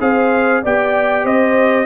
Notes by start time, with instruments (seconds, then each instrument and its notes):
0.00 tuba C4, trombone G#4, horn C5, trumpet F5
0.63 tuba B3, trombone G4, horn D5, trumpet G5
1.24 tuba C4, horn C5, trumpet D#5